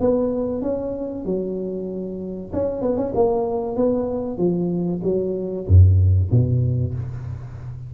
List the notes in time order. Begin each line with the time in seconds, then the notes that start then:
0.00 B3
0.61 C#4
1.25 F#3
2.53 C#4
2.82 B3
2.97 C#4
3.14 A#3
3.76 B3
4.38 F3
5.03 F#3
5.67 F#2
6.31 B2